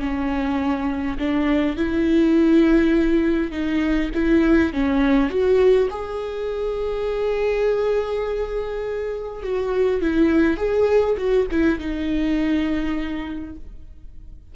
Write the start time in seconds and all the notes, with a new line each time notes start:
0.00 C#4
1.18 D4
1.76 E4
3.51 D#4
4.14 E4
4.73 C#4
5.30 F#4
5.90 G#4
9.43 F#4
10.02 E4
10.57 G#4
11.17 F#4
11.51 E4
11.79 D#4